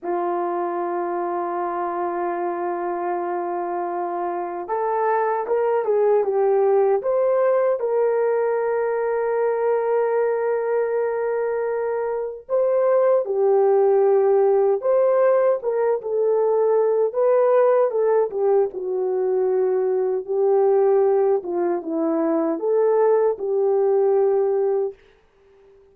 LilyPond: \new Staff \with { instrumentName = "horn" } { \time 4/4 \tempo 4 = 77 f'1~ | f'2 a'4 ais'8 gis'8 | g'4 c''4 ais'2~ | ais'1 |
c''4 g'2 c''4 | ais'8 a'4. b'4 a'8 g'8 | fis'2 g'4. f'8 | e'4 a'4 g'2 | }